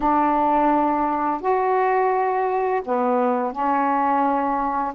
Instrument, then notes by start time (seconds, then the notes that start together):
saxophone
0.00 D4
1.41 F#4
2.84 B3
3.52 C#4